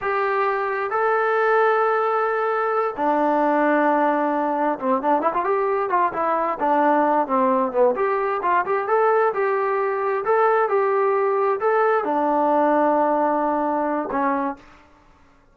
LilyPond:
\new Staff \with { instrumentName = "trombone" } { \time 4/4 \tempo 4 = 132 g'2 a'2~ | a'2~ a'8 d'4.~ | d'2~ d'8 c'8 d'8 e'16 f'16 | g'4 f'8 e'4 d'4. |
c'4 b8 g'4 f'8 g'8 a'8~ | a'8 g'2 a'4 g'8~ | g'4. a'4 d'4.~ | d'2. cis'4 | }